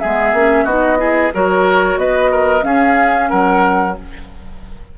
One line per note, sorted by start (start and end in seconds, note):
0.00 0.33 G#3
0.00 0.36 B3
0.00 0.65 G#4
0.00 0.66 E5
0.33 0.65 A#3
0.33 0.69 C#4
0.65 1.31 B3
0.65 0.98 D#4
0.65 0.98 F#4
0.65 1.32 D#5
0.98 1.31 E4
0.98 1.33 G#4
1.34 1.97 F#3
1.34 2.61 F#4
1.34 2.00 A#4
1.34 1.98 C#5
1.97 2.63 B3
1.97 2.32 B4
1.97 2.64 D#5
2.32 2.65 A#4
2.61 3.93 C#4
2.61 3.31 C#4
2.61 3.30 G#4
2.61 3.30 F5
3.30 3.98 F#3
3.30 3.96 A#4
3.30 3.96 F#5